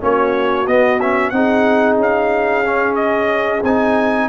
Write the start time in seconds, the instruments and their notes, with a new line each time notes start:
0.00 tuba A#3, trombone C#4, horn F#4, trumpet C#5
0.66 trombone B3, tuba B3, trumpet D#5
1.00 trombone C#4, trumpet E5
1.30 tuba C4, trombone D#4, horn G#4, trumpet F#5
1.97 tuba C#4, trumpet F5
2.64 trombone C#4
2.95 trumpet D#5
3.63 tuba C4, trombone D#4, trumpet G#5